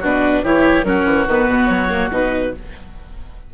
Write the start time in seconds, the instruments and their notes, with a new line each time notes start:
0.00 bassoon B2, viola D4, oboe F#4, clarinet B4
0.43 bassoon E3, viola E4, oboe G4, clarinet C#5
0.84 bassoon F#3, viola C#4, oboe F#4, clarinet A#4
1.05 bassoon E3
1.27 bassoon D#3, viola B3, clarinet B4
1.48 bassoon B2
1.67 bassoon F#3, clarinet C#5
1.89 viola A#3
2.11 bassoon B2, viola D#4, clarinet B4